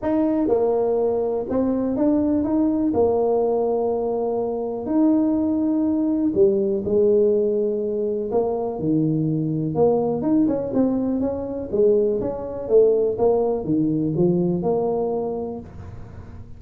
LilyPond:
\new Staff \with { instrumentName = "tuba" } { \time 4/4 \tempo 4 = 123 dis'4 ais2 c'4 | d'4 dis'4 ais2~ | ais2 dis'2~ | dis'4 g4 gis2~ |
gis4 ais4 dis2 | ais4 dis'8 cis'8 c'4 cis'4 | gis4 cis'4 a4 ais4 | dis4 f4 ais2 | }